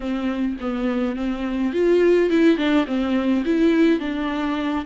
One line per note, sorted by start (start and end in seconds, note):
0.00 0.57 C4
0.60 1.16 B3
1.16 1.72 C4
1.72 2.29 F4
2.29 2.57 E4
2.57 2.85 D4
2.86 3.44 C4
3.45 3.99 E4
3.99 4.85 D4